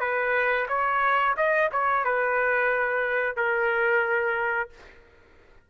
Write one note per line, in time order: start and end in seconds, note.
0.00 0.67 B4
0.68 1.35 C#5
1.37 1.70 D#5
1.72 2.05 C#5
2.05 3.36 B4
3.36 4.70 A#4